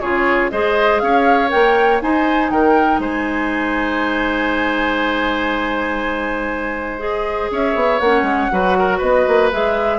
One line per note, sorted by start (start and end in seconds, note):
0.00 0.51 C#3
0.00 0.52 F4
0.00 0.51 G#4
0.00 0.50 C#5
0.51 1.01 G#3
0.51 1.49 G#4
0.51 1.02 C5
0.51 0.99 D#5
0.99 1.51 C#4
0.99 2.03 C#5
0.99 1.49 F5
1.49 2.02 A#3
1.49 1.99 A#4
1.49 2.00 G5
2.02 6.99 D#4
2.02 2.51 D#4
2.02 2.51 C5
2.02 2.50 G#5
2.50 2.98 D#3
2.50 3.00 A#4
2.50 3.00 G5
2.98 7.48 G#3
2.98 7.50 C5
2.98 7.00 G#5
6.99 7.99 G#4
6.99 7.50 D#5
7.51 7.75 C#4
7.51 8.52 C#5
7.51 7.99 E5
7.75 8.00 B3
7.99 8.22 A#3
7.99 8.51 C#4
7.99 8.99 F#5
8.22 8.47 G#3
8.51 9.01 F#3
8.51 9.51 F#4
8.51 8.78 B4
8.78 8.98 A#4
8.98 9.26 B3
8.98 9.98 B4
8.98 9.50 D#5
9.27 9.52 A#3
9.52 9.99 G#3
9.52 9.99 G#4
9.52 9.99 E5